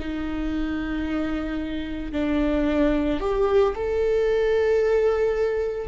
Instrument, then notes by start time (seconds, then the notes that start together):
viola
0.00 D#4
2.13 D4
3.21 G4
3.76 A4